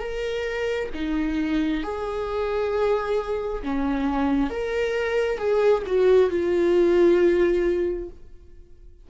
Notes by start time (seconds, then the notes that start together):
0.00 A#4
0.94 D#4
1.84 G#4
3.63 C#4
4.51 A#4
5.39 G#4
5.87 F#4
6.31 F4